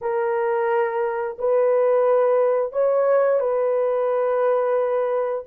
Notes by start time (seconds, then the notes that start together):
0.01 A#4
1.38 B4
2.72 C#5
3.39 B4